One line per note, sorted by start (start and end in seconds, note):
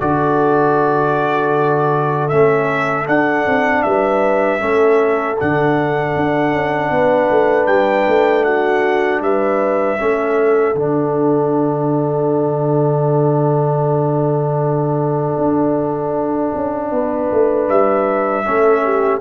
0.00 2.32 D3
0.00 2.31 F#4
0.00 3.85 A4
0.00 2.29 D5
2.29 3.08 A3
2.29 3.06 C#4
2.29 3.06 E5
3.06 4.59 D4
3.06 3.46 D4
3.06 3.83 F#5
3.46 3.85 C4
3.83 4.61 G3
3.83 4.63 B4
3.83 5.37 E5
4.59 5.38 A3
4.59 5.36 C#4
4.59 6.93 A4
5.39 6.16 D3
5.39 9.98 D4
5.39 7.67 F#5
6.16 6.52 D4
6.52 6.91 C#4
6.91 7.29 B3
6.91 8.45 B4
7.31 7.67 A3
7.67 8.06 G3
7.67 8.44 G5
8.08 9.21 A3
8.44 9.22 F#4
8.44 9.21 F#5
9.21 9.98 G3
9.21 10.00 B4
9.21 10.77 E5
9.98 10.75 A3
9.98 10.75 C#4
9.98 16.92 A4
10.75 15.36 D3
10.75 18.45 D4
10.75 17.69 F#5
15.38 16.53 D4
16.55 16.92 C#4
16.92 17.30 B3
16.92 18.46 B4
17.32 17.69 A3
17.69 18.46 G3
17.69 19.21 E5
18.45 19.21 A3
18.45 19.21 C#4
18.45 18.84 A4
18.84 19.21 G4